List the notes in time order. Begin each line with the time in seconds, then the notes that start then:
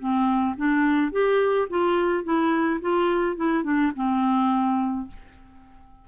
0.00 C4
0.57 D4
1.12 G4
1.70 F4
2.24 E4
2.82 F4
3.37 E4
3.64 D4
3.96 C4